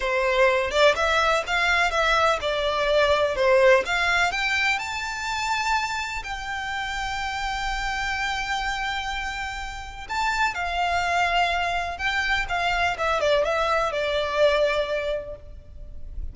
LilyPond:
\new Staff \with { instrumentName = "violin" } { \time 4/4 \tempo 4 = 125 c''4. d''8 e''4 f''4 | e''4 d''2 c''4 | f''4 g''4 a''2~ | a''4 g''2.~ |
g''1~ | g''4 a''4 f''2~ | f''4 g''4 f''4 e''8 d''8 | e''4 d''2. | }